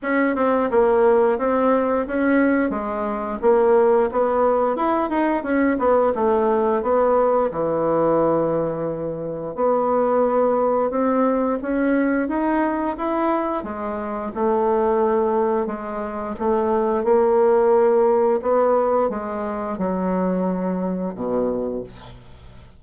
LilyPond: \new Staff \with { instrumentName = "bassoon" } { \time 4/4 \tempo 4 = 88 cis'8 c'8 ais4 c'4 cis'4 | gis4 ais4 b4 e'8 dis'8 | cis'8 b8 a4 b4 e4~ | e2 b2 |
c'4 cis'4 dis'4 e'4 | gis4 a2 gis4 | a4 ais2 b4 | gis4 fis2 b,4 | }